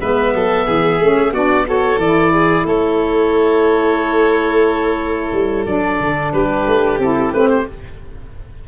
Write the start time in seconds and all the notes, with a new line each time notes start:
0.00 G#3 B3 B4 E5
0.34 F#3 A4
0.67 E3 G#4
1.00 A3 C#4
1.32 B3 D4 F#4 D5
1.67 F#4 A4 C#5
1.97 E3 D5
2.04 E4
2.33 G#4
2.65 A3 A4 C#5
5.33 G3
5.66 F#3 D4 D5
6.01 D3
6.33 G3 G4 B4
6.67 A3
6.99 C4 E4 A4
7.33 A3 C4 B4
7.50 C5